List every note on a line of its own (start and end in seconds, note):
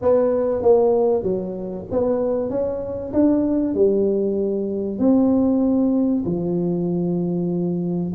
0.01 0.62 B3
0.62 1.22 A#3
1.22 1.85 F#3
1.91 2.49 B3
2.49 3.12 C#4
3.13 3.74 D4
3.74 4.99 G3
4.99 6.24 C4
6.25 8.12 F3